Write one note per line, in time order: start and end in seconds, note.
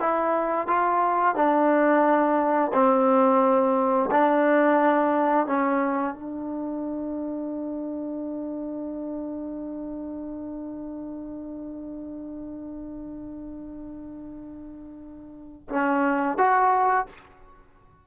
0.00 0.67 E4
0.67 1.35 F4
1.35 2.71 D4
2.73 4.10 C4
4.11 5.47 D4
5.47 6.14 C#4
6.14 15.68 D4
15.69 16.38 C#4
16.38 17.06 F#4